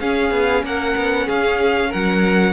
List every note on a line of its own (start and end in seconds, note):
0.00 0.31 C#4
0.00 2.53 C#4
0.00 0.65 G#4
0.00 0.64 F5
0.31 0.62 B3
0.63 0.95 A#3
0.63 1.26 A#4
0.63 1.29 F#5
0.96 1.28 B3
1.26 1.93 C#4
1.26 1.89 G#4
1.26 1.92 F5
1.89 2.53 F#3
1.89 2.53 A#4
1.89 2.53 F#5